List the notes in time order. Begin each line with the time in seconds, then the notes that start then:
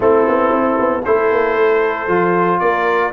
0.00 A3 C4 E4 A4
0.28 B3
0.51 C4
0.79 B3
1.04 A3 E4 A4 C5
1.31 A#3
1.56 A3
2.07 F3 F4
2.59 A#3 A#4 D5